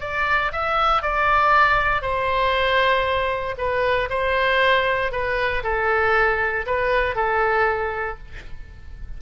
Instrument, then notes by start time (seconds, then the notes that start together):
oboe
0.00 D5
0.52 E5
1.02 D5
2.01 C5
3.57 B4
4.10 C5
5.11 B4
5.63 A4
6.66 B4
7.15 A4